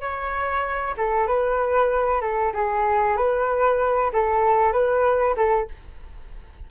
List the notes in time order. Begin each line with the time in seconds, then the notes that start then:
0.00 C#5
0.97 A4
1.27 B4
2.21 A4
2.53 G#4
3.17 B4
4.13 A4
4.72 B4
5.36 A4